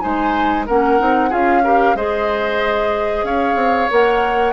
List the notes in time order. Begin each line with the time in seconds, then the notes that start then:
0.00 G#3 D#4 C5 G#5
0.66 A#3 C#4 A#4 F#5
0.98 C4 D#4
1.29 C#4 F4 G#4 F5
1.64 G4 A#4
1.94 G#3 G#4 C5 D#5
3.23 C#4 C#5 F5
3.55 C4
3.90 A#3 A#4 F#5